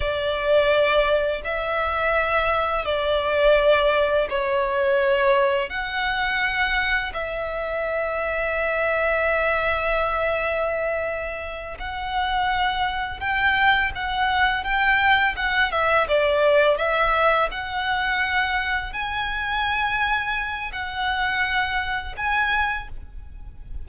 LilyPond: \new Staff \with { instrumentName = "violin" } { \time 4/4 \tempo 4 = 84 d''2 e''2 | d''2 cis''2 | fis''2 e''2~ | e''1~ |
e''8 fis''2 g''4 fis''8~ | fis''8 g''4 fis''8 e''8 d''4 e''8~ | e''8 fis''2 gis''4.~ | gis''4 fis''2 gis''4 | }